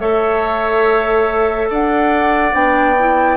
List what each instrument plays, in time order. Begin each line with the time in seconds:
0.00 bassoon A3, clarinet A4, oboe C#5, flute E5
1.70 bassoon D4, oboe D5, flute F#5
2.53 bassoon B3, clarinet D4, flute G5
2.99 clarinet E4